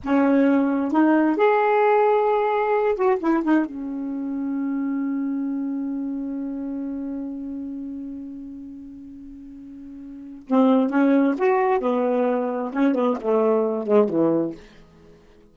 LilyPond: \new Staff \with { instrumentName = "saxophone" } { \time 4/4 \tempo 4 = 132 cis'2 dis'4 gis'4~ | gis'2~ gis'8 fis'8 e'8 dis'8 | cis'1~ | cis'1~ |
cis'1~ | cis'2. c'4 | cis'4 fis'4 b2 | cis'8 b8 a4. gis8 e4 | }